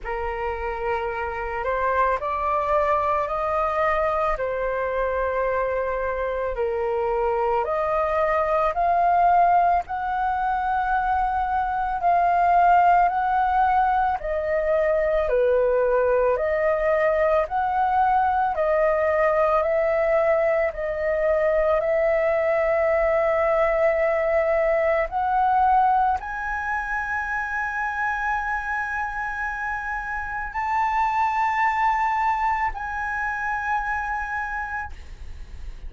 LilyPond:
\new Staff \with { instrumentName = "flute" } { \time 4/4 \tempo 4 = 55 ais'4. c''8 d''4 dis''4 | c''2 ais'4 dis''4 | f''4 fis''2 f''4 | fis''4 dis''4 b'4 dis''4 |
fis''4 dis''4 e''4 dis''4 | e''2. fis''4 | gis''1 | a''2 gis''2 | }